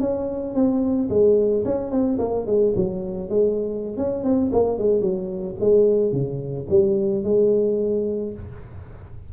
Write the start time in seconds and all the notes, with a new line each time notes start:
0.00 C#4
0.54 C4
1.09 G#3
1.65 C#4
1.91 C4
2.18 A#3
2.46 G#3
2.75 F#3
3.29 G#3
3.97 C#4
4.23 C4
4.52 A#3
4.78 G#3
5.01 F#3
5.60 G#3
6.12 C#3
6.69 G3
7.23 G#3